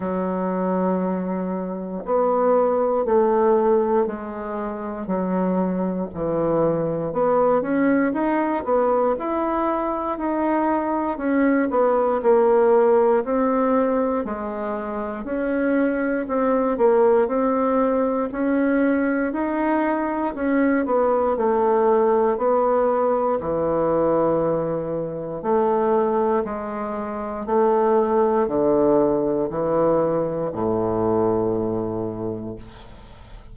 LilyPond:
\new Staff \with { instrumentName = "bassoon" } { \time 4/4 \tempo 4 = 59 fis2 b4 a4 | gis4 fis4 e4 b8 cis'8 | dis'8 b8 e'4 dis'4 cis'8 b8 | ais4 c'4 gis4 cis'4 |
c'8 ais8 c'4 cis'4 dis'4 | cis'8 b8 a4 b4 e4~ | e4 a4 gis4 a4 | d4 e4 a,2 | }